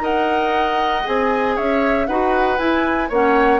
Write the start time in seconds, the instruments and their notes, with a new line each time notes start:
0.00 bassoon D#4, clarinet A#4, oboe D#5, flute F#5
1.04 bassoon C4, clarinet G#4, flute G#5
1.55 bassoon C#4, oboe C#5, flute E5
2.06 bassoon D#4, clarinet F#4, oboe B4, flute F#5
2.57 clarinet E4, bassoon E4, flute G#5
3.09 bassoon A#3, clarinet C#4, oboe C#5, flute F#5